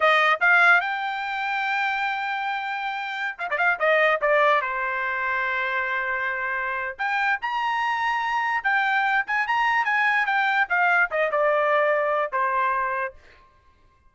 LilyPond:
\new Staff \with { instrumentName = "trumpet" } { \time 4/4 \tempo 4 = 146 dis''4 f''4 g''2~ | g''1~ | g''16 f''16 d''16 f''8 dis''4 d''4 c''8.~ | c''1~ |
c''4 g''4 ais''2~ | ais''4 g''4. gis''8 ais''4 | gis''4 g''4 f''4 dis''8 d''8~ | d''2 c''2 | }